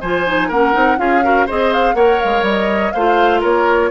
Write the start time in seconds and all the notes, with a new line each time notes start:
0.00 F3 F4 C5 G#5
0.26 D#4
0.48 A#3 C#4 A#4 F#5
0.72 C4 D#4
0.97 C#4 F4 G#4 F5
1.22 F#4 A#4
1.46 C4 G#4 C5 D#5
1.73 F5
1.94 A#3 A#4 C#5 F#5
2.19 G#3 F5
2.42 G3
2.48 D#5
2.92 A3 F4 C5 F5
3.40 A#3 A#4 C#5